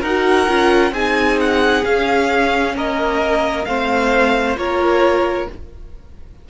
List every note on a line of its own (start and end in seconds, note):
0.00 0.48 D#4
0.00 0.48 F#4
0.00 0.91 A#4
0.00 0.94 F#5
0.48 0.91 C#4
0.48 0.93 F4
0.91 1.82 C4
0.91 1.84 D#4
0.91 2.75 G#4
0.91 1.39 G#5
1.40 1.84 F#5
1.84 3.66 C#4
1.84 2.75 C#4
1.84 2.75 F5
2.75 3.66 A#3
2.75 3.66 A#4
2.75 3.65 D#5
3.65 4.56 A3
3.65 4.56 C4
3.65 4.59 C5
3.65 4.56 F5
4.56 5.47 A#3
4.56 5.47 F4
4.56 5.49 A#4
4.56 5.48 C#5